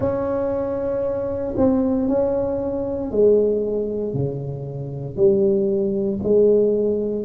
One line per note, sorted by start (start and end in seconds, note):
0.00 1.54 C#4
1.56 2.08 C4
2.08 3.11 C#4
3.11 4.13 G#3
4.13 5.16 C#3
5.16 6.19 G3
6.23 7.25 G#3